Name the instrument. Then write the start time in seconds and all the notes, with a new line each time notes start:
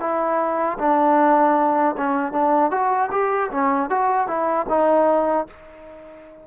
trombone
0.00 E4
0.79 D4
1.98 C#4
2.32 D4
2.71 F#4
3.11 G4
3.51 C#4
3.90 F#4
4.28 E4
4.69 D#4